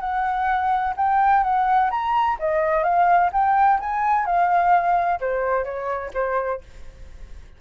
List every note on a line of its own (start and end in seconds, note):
0.00 0.94 F#5
0.96 1.43 G5
1.43 1.90 F#5
1.90 2.37 A#5
2.39 2.83 D#5
2.83 3.30 F5
3.32 3.79 G5
3.79 4.25 G#5
4.25 5.19 F5
5.20 5.64 C5
5.64 6.11 C#5
6.14 6.61 C5